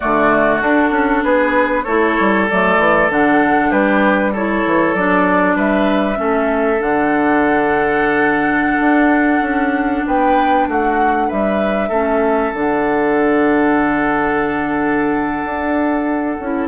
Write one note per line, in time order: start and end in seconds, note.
0.00 0.61 D3
0.00 0.62 A3
0.00 1.23 F#4
0.00 0.59 D5
0.61 0.91 D4
0.61 1.85 D4
0.61 1.23 A4
0.91 1.22 C#4
1.23 1.86 B3
1.23 1.84 G#4
1.23 1.84 B4
1.84 2.18 A3
1.84 2.49 E4
1.84 3.69 A4
1.84 2.45 C#5
2.19 2.50 G3
2.49 2.78 F#3
2.49 3.10 A3
2.49 3.11 D5
2.78 3.09 E3
3.09 3.71 D3
3.09 4.34 D4
3.09 3.71 F#5
3.69 4.63 G3
3.69 4.31 G4
3.69 4.32 B4
4.32 4.97 E4
4.32 5.56 A4
4.32 4.94 C#5
4.65 4.94 E3
4.94 5.55 F#3
4.94 6.15 D4
4.94 5.56 D5
5.55 6.17 G3
5.55 6.18 B4
5.55 6.81 E5
6.15 6.80 A3
6.15 6.77 C#4
6.15 10.06 A4
6.79 8.79 D3
6.79 11.89 D4
6.79 10.06 F#5
8.79 9.41 D4
9.41 10.02 C#4
10.06 10.67 B3
10.06 10.68 B4
10.06 10.68 G5
10.67 11.29 A3
10.67 11.27 F#4
10.67 11.30 F#5
11.27 11.89 G3
11.27 11.88 B4
11.27 12.53 E5
11.88 12.51 A3
11.88 12.53 C#4
11.88 16.68 A4
12.53 15.44 D3
12.53 16.41 D4
12.53 16.68 F#5
15.44 16.37 D4
16.40 16.68 C#4
16.40 16.68 E4